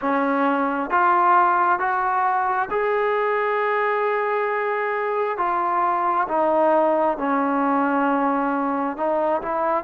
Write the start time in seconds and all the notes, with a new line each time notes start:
0.01 C#4
0.90 F4
1.79 F#4
2.70 G#4
5.37 F4
6.28 D#4
7.17 C#4
8.96 D#4
9.42 E4